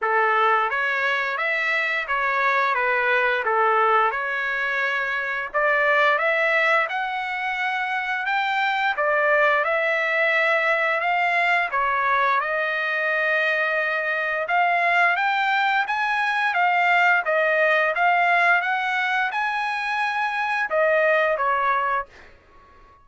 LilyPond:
\new Staff \with { instrumentName = "trumpet" } { \time 4/4 \tempo 4 = 87 a'4 cis''4 e''4 cis''4 | b'4 a'4 cis''2 | d''4 e''4 fis''2 | g''4 d''4 e''2 |
f''4 cis''4 dis''2~ | dis''4 f''4 g''4 gis''4 | f''4 dis''4 f''4 fis''4 | gis''2 dis''4 cis''4 | }